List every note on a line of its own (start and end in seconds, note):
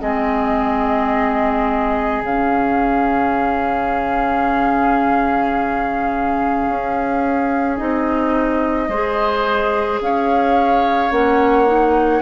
0.00 2.21 G#3
0.00 2.22 C4
0.00 8.88 G#4
0.00 2.22 D#5
2.21 6.66 C#3
2.21 7.77 C#4
2.21 7.76 F5
6.69 7.80 C#4
7.76 8.88 C4
7.76 8.88 D#4
7.76 9.99 D#5
8.88 9.99 G#3
8.88 11.11 G#4
8.88 9.99 C5
10.00 11.11 C#4
10.00 12.22 C#5
10.00 11.12 F5
11.11 12.22 A#3
11.11 11.66 C#4
11.11 12.22 F#5
11.66 12.22 D#4